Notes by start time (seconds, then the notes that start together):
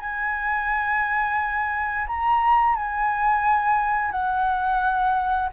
0.00 G#5
2.08 A#5
2.76 G#5
4.12 F#5